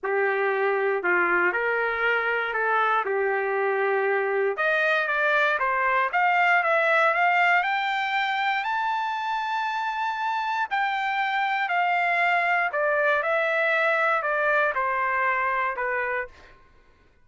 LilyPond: \new Staff \with { instrumentName = "trumpet" } { \time 4/4 \tempo 4 = 118 g'2 f'4 ais'4~ | ais'4 a'4 g'2~ | g'4 dis''4 d''4 c''4 | f''4 e''4 f''4 g''4~ |
g''4 a''2.~ | a''4 g''2 f''4~ | f''4 d''4 e''2 | d''4 c''2 b'4 | }